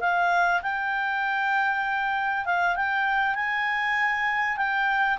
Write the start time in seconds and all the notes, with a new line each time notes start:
0.00 F5
0.62 G5
2.45 F5
2.76 G5
3.35 G#5
4.56 G5